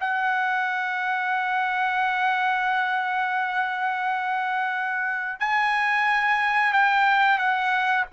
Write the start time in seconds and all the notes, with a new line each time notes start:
0.00 F#5
5.39 G#5
6.73 G5
7.38 F#5